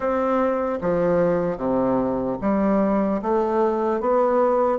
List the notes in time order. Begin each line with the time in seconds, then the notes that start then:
0.00 C4
0.81 F3
1.57 C3
2.41 G3
3.21 A3
4.00 B3